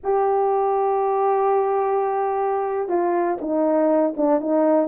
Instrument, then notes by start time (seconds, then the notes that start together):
horn
0.03 G4
2.88 F4
3.41 D#4
4.16 D4
4.40 D#4